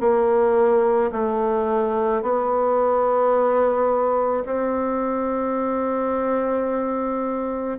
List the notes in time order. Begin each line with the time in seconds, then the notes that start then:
0.00 A#3
1.12 A3
2.22 B3
4.45 C4